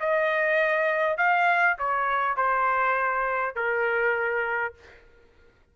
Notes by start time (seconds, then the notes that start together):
0.00 D#5
1.18 F5
1.78 C#5
2.37 C5
3.55 A#4